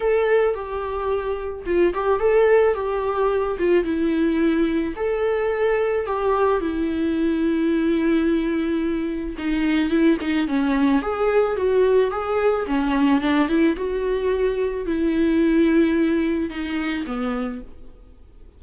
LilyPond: \new Staff \with { instrumentName = "viola" } { \time 4/4 \tempo 4 = 109 a'4 g'2 f'8 g'8 | a'4 g'4. f'8 e'4~ | e'4 a'2 g'4 | e'1~ |
e'4 dis'4 e'8 dis'8 cis'4 | gis'4 fis'4 gis'4 cis'4 | d'8 e'8 fis'2 e'4~ | e'2 dis'4 b4 | }